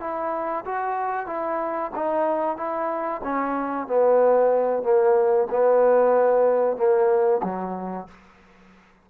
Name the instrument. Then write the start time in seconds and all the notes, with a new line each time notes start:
trombone
0.00 E4
0.65 F#4
1.26 E4
1.95 D#4
2.57 E4
3.23 C#4
3.87 B3
4.83 A#3
5.50 B3
6.77 A#3
7.43 F#3